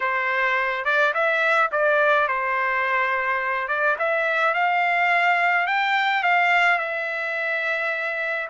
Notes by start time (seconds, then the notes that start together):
0.00 C5
0.84 D5
1.13 E5
1.71 D5
2.27 C5
3.68 D5
3.98 E5
4.54 F5
5.66 G5
6.23 F5
6.78 E5